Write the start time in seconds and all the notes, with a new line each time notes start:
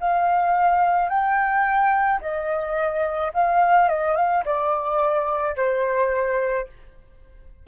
0.00 F5
1.09 G5
2.21 D#5
3.33 F5
3.88 D#5
4.16 F5
4.44 D5
5.56 C5